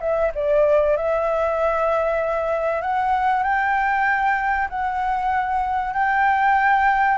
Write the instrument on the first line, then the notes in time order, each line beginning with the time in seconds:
flute
0.00 E5
0.34 D5
0.97 E5
2.81 F#5
3.43 G5
4.69 F#5
5.93 G5